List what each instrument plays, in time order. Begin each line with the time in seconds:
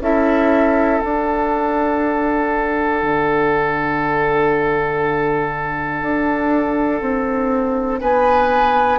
0.00 bassoon C#4, clarinet E4, oboe A4, flute E5
1.00 clarinet D4, bassoon D4, flute F#5
3.03 bassoon D3
6.02 bassoon D4
7.01 bassoon C4
8.00 bassoon B3, oboe B4, flute G#5